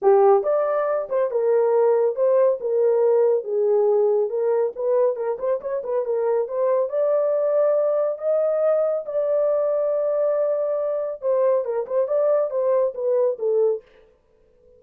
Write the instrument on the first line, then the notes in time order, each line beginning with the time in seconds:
horn
0.02 G4
0.43 D5
1.09 C5
1.30 A#4
2.15 C5
2.60 A#4
3.44 G#4
4.29 A#4
4.75 B4
5.16 A#4
5.38 C5
5.60 C#5
5.83 B4
6.05 A#4
6.47 C5
6.89 D5
8.18 D#5
9.05 D5
11.21 C5
11.64 A#4
11.86 C5
12.07 D5
12.50 C5
12.94 B4
13.38 A4